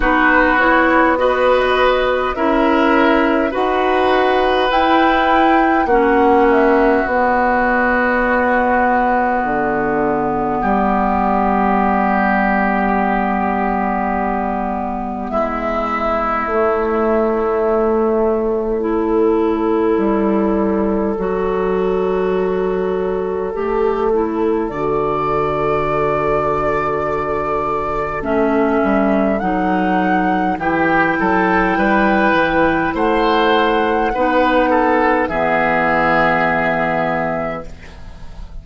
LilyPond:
<<
  \new Staff \with { instrumentName = "flute" } { \time 4/4 \tempo 4 = 51 b'8 cis''8 dis''4 e''4 fis''4 | g''4 fis''8 e''8 d''2~ | d''1~ | d''4 e''4 cis''2~ |
cis''1~ | cis''4 d''2. | e''4 fis''4 g''2 | fis''2 e''2 | }
  \new Staff \with { instrumentName = "oboe" } { \time 4/4 fis'4 b'4 ais'4 b'4~ | b'4 fis'2.~ | fis'4 g'2.~ | g'4 e'2. |
a'1~ | a'1~ | a'2 g'8 a'8 b'4 | c''4 b'8 a'8 gis'2 | }
  \new Staff \with { instrumentName = "clarinet" } { \time 4/4 dis'8 e'8 fis'4 e'4 fis'4 | e'4 cis'4 b2~ | b1~ | b2 a2 |
e'2 fis'2 | g'8 e'8 fis'2. | cis'4 dis'4 e'2~ | e'4 dis'4 b2 | }
  \new Staff \with { instrumentName = "bassoon" } { \time 4/4 b2 cis'4 dis'4 | e'4 ais4 b2 | d4 g2.~ | g4 gis4 a2~ |
a4 g4 fis2 | a4 d2. | a8 g8 fis4 e8 fis8 g8 e8 | a4 b4 e2 | }
>>